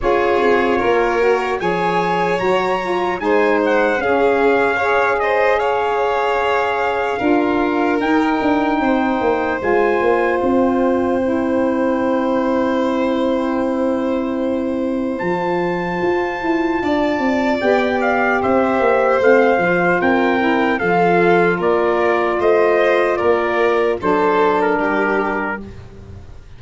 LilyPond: <<
  \new Staff \with { instrumentName = "trumpet" } { \time 4/4 \tempo 4 = 75 cis''2 gis''4 ais''4 | gis''8 fis''8 f''4. dis''8 f''4~ | f''2 g''2 | gis''4 g''2.~ |
g''2. a''4~ | a''2 g''8 f''8 e''4 | f''4 g''4 f''4 d''4 | dis''4 d''4 c''8. ais'4~ ais'16 | }
  \new Staff \with { instrumentName = "violin" } { \time 4/4 gis'4 ais'4 cis''2 | c''4 gis'4 cis''8 c''8 cis''4~ | cis''4 ais'2 c''4~ | c''1~ |
c''1~ | c''4 d''2 c''4~ | c''4 ais'4 a'4 ais'4 | c''4 ais'4 a'4 g'4 | }
  \new Staff \with { instrumentName = "saxophone" } { \time 4/4 f'4. fis'8 gis'4 fis'8 f'8 | dis'4 cis'4 gis'2~ | gis'4 f'4 dis'2 | f'2 e'2~ |
e'2. f'4~ | f'2 g'2 | c'8 f'4 e'8 f'2~ | f'2 d'2 | }
  \new Staff \with { instrumentName = "tuba" } { \time 4/4 cis'8 c'8 ais4 f4 fis4 | gis4 cis'2.~ | cis'4 d'4 dis'8 d'8 c'8 ais8 | gis8 ais8 c'2.~ |
c'2. f4 | f'8 e'8 d'8 c'8 b4 c'8 ais8 | a8 f8 c'4 f4 ais4 | a4 ais4 fis4 g4 | }
>>